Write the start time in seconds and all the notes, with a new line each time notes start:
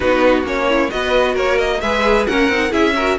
0.00 B3 D#4 F#4 B4
0.43 A#3 C#4 C#5
0.68 E4
0.89 B3 F#4 B4 D#5
1.33 A#3 A#4 C#5
1.58 D#5
1.80 G#3 G#4 B4 E5
2.27 A#3 C#4 A#4 F#5
2.48 C4 D#4
2.70 C#4 E4 G#4 E5
2.95 F#4 A#4